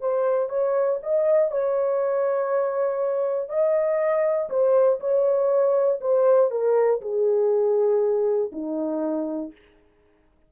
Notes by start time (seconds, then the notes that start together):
0.00 C5
0.49 C#5
1.02 D#5
1.51 C#5
3.49 D#5
4.49 C5
5.00 C#5
6.00 C5
6.50 A#4
7.01 G#4
8.51 D#4